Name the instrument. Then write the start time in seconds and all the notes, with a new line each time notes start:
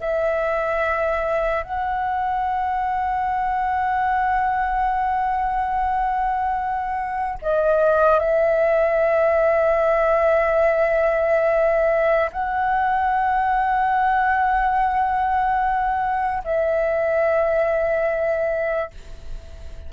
flute
0.00 E5
1.63 F#5
7.42 D#5
8.19 E5
12.32 F#5
16.44 E5